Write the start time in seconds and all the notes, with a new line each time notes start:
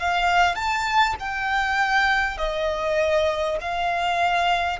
0.00 F5
0.56 A5
1.20 G5
2.38 D#5
3.62 F5